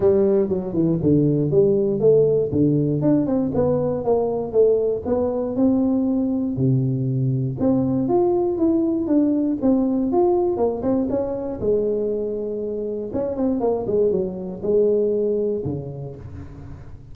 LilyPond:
\new Staff \with { instrumentName = "tuba" } { \time 4/4 \tempo 4 = 119 g4 fis8 e8 d4 g4 | a4 d4 d'8 c'8 b4 | ais4 a4 b4 c'4~ | c'4 c2 c'4 |
f'4 e'4 d'4 c'4 | f'4 ais8 c'8 cis'4 gis4~ | gis2 cis'8 c'8 ais8 gis8 | fis4 gis2 cis4 | }